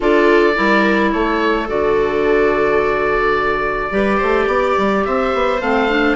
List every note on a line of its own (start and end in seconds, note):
0.00 0.57 D4
0.00 0.54 F4
0.00 0.57 A4
0.00 1.11 D5
0.54 1.13 G3
0.54 1.66 E4
0.54 1.13 A#4
1.11 1.68 A3
1.11 3.93 A4
1.11 1.67 C#5
1.67 3.91 D3
1.67 3.90 F#4
1.67 5.05 D5
3.90 4.19 G3
3.90 5.59 G4
3.90 4.17 B4
4.17 4.47 A3
4.17 4.45 C5
4.47 4.75 B3
4.47 5.04 D5
4.77 5.05 G3
5.05 5.34 C4
5.05 6.16 C5
5.05 5.61 E5
5.34 5.60 B3
5.60 6.16 A3
5.60 5.88 C4
5.60 6.16 F5
5.88 6.16 D4